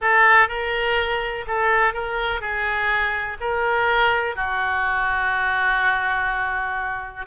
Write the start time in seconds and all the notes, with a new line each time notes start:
0.01 A4
0.48 A#4
1.47 A4
1.93 A#4
2.40 G#4
3.40 A#4
4.35 F#4